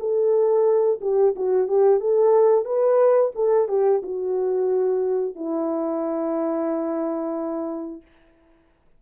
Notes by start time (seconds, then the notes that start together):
0.00 A4
1.02 G4
1.36 F#4
1.68 G4
2.01 A4
2.65 B4
3.35 A4
3.69 G4
4.03 F#4
5.36 E4